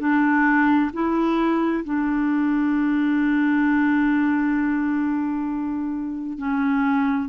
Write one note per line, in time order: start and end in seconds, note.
0.00 0.91 D4
0.93 1.84 E4
1.84 6.38 D4
6.38 7.29 C#4